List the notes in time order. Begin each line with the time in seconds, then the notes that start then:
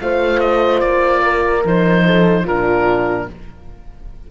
0.00 A3 F4 C5 F5
0.40 D#5
0.80 A#3 D5
1.23 A#4
1.64 F3 D#4 C5
2.06 A4
2.43 A#2 D4 F4 A#4